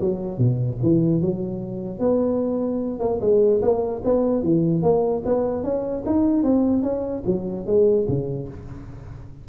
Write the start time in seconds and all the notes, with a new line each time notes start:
0.00 F#3
0.38 B2
0.82 E3
1.21 F#3
1.99 B3
2.99 A#3
3.20 G#3
3.61 A#3
4.04 B3
4.42 E3
4.82 A#3
5.25 B3
5.63 C#4
6.06 D#4
6.43 C4
6.83 C#4
7.26 F#3
7.66 G#3
8.08 C#3